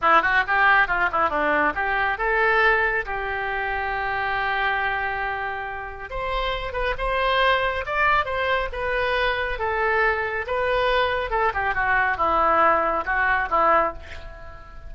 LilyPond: \new Staff \with { instrumentName = "oboe" } { \time 4/4 \tempo 4 = 138 e'8 fis'8 g'4 f'8 e'8 d'4 | g'4 a'2 g'4~ | g'1~ | g'2 c''4. b'8 |
c''2 d''4 c''4 | b'2 a'2 | b'2 a'8 g'8 fis'4 | e'2 fis'4 e'4 | }